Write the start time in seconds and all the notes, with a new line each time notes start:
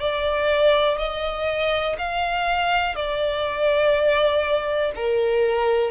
0.00 D5
0.98 D#5
1.99 F5
2.96 D5
4.96 A#4